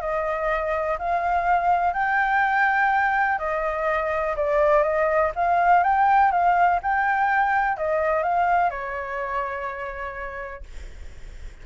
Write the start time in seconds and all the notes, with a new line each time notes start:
0.00 D#5
0.98 F5
1.93 G5
3.38 D#5
4.36 D5
4.82 D#5
5.35 F5
5.83 G5
6.31 F5
6.82 G5
7.77 D#5
8.23 F5
8.70 C#5